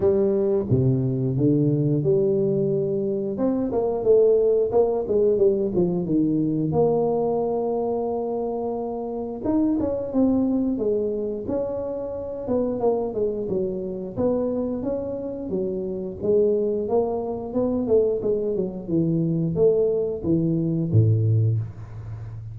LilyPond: \new Staff \with { instrumentName = "tuba" } { \time 4/4 \tempo 4 = 89 g4 c4 d4 g4~ | g4 c'8 ais8 a4 ais8 gis8 | g8 f8 dis4 ais2~ | ais2 dis'8 cis'8 c'4 |
gis4 cis'4. b8 ais8 gis8 | fis4 b4 cis'4 fis4 | gis4 ais4 b8 a8 gis8 fis8 | e4 a4 e4 a,4 | }